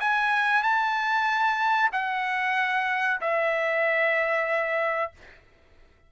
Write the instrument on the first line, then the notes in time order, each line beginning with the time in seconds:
trumpet
0.00 G#5
0.63 A5
1.93 F#5
3.21 E5